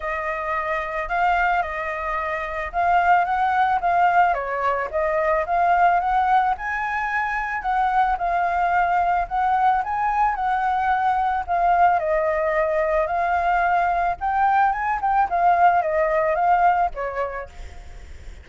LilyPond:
\new Staff \with { instrumentName = "flute" } { \time 4/4 \tempo 4 = 110 dis''2 f''4 dis''4~ | dis''4 f''4 fis''4 f''4 | cis''4 dis''4 f''4 fis''4 | gis''2 fis''4 f''4~ |
f''4 fis''4 gis''4 fis''4~ | fis''4 f''4 dis''2 | f''2 g''4 gis''8 g''8 | f''4 dis''4 f''4 cis''4 | }